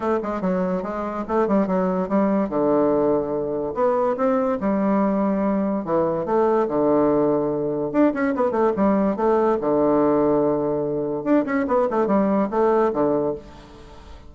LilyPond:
\new Staff \with { instrumentName = "bassoon" } { \time 4/4 \tempo 4 = 144 a8 gis8 fis4 gis4 a8 g8 | fis4 g4 d2~ | d4 b4 c'4 g4~ | g2 e4 a4 |
d2. d'8 cis'8 | b8 a8 g4 a4 d4~ | d2. d'8 cis'8 | b8 a8 g4 a4 d4 | }